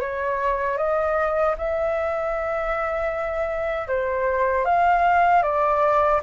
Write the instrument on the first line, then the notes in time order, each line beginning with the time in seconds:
flute
0.00 C#5
0.77 D#5
1.58 E5
3.88 C5
4.65 F5
5.42 D5